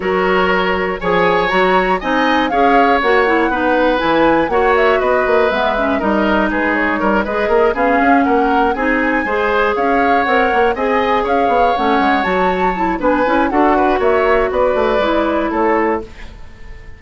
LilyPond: <<
  \new Staff \with { instrumentName = "flute" } { \time 4/4 \tempo 4 = 120 cis''2 gis''4 ais''4 | gis''4 f''4 fis''2 | gis''4 fis''8 e''8 dis''4 e''4 | dis''4 b'8 cis''4 dis''4 f''8~ |
f''8 fis''4 gis''2 f''8~ | f''8 fis''4 gis''4 f''4 fis''8~ | fis''8 a''4. gis''4 fis''4 | e''4 d''2 cis''4 | }
  \new Staff \with { instrumentName = "oboe" } { \time 4/4 ais'2 cis''2 | dis''4 cis''2 b'4~ | b'4 cis''4 b'2 | ais'4 gis'4 ais'8 b'8 ais'8 gis'8~ |
gis'8 ais'4 gis'4 c''4 cis''8~ | cis''4. dis''4 cis''4.~ | cis''2 b'4 a'8 b'8 | cis''4 b'2 a'4 | }
  \new Staff \with { instrumentName = "clarinet" } { \time 4/4 fis'2 gis'4 fis'4 | dis'4 gis'4 fis'8 e'8 dis'4 | e'4 fis'2 b8 cis'8 | dis'2~ dis'8 gis'4 cis'8~ |
cis'4. dis'4 gis'4.~ | gis'8 ais'4 gis'2 cis'8~ | cis'8 fis'4 e'8 d'8 e'8 fis'4~ | fis'2 e'2 | }
  \new Staff \with { instrumentName = "bassoon" } { \time 4/4 fis2 f4 fis4 | c'4 cis'4 ais4 b4 | e4 ais4 b8 ais8 gis4 | g4 gis4 g8 gis8 ais8 b8 |
cis'8 ais4 c'4 gis4 cis'8~ | cis'8 c'8 ais8 c'4 cis'8 b8 a8 | gis8 fis4. b8 cis'8 d'4 | ais4 b8 a8 gis4 a4 | }
>>